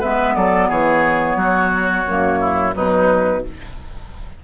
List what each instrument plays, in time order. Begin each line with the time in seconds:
0.00 bassoon G#3, clarinet B3, oboe B4, flute E5
0.35 bassoon F#3, oboe A4, flute D5
0.69 bassoon E3, oboe G#4, flute C#5
1.36 bassoon F#3, oboe F#4
2.08 bassoon F#2, clarinet A#3
2.40 oboe E4
2.72 bassoon B2, clarinet F#3, oboe D#4, flute B4